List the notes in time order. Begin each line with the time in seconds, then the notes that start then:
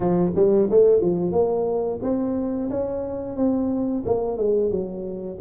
0.00 F3
0.35 G3
0.70 A3
1.01 F3
1.31 A#3
2.02 C4
2.70 C#4
3.36 C4
4.05 A#3
4.37 G#3
4.70 F#3